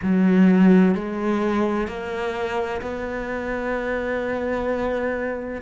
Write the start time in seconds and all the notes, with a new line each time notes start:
0.02 F#3
0.94 G#3
1.87 A#3
2.81 B3